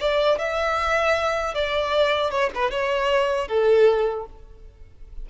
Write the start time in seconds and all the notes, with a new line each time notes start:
0.00 D5
0.39 E5
1.55 D5
2.31 C#5
2.55 B4
2.71 C#5
3.48 A4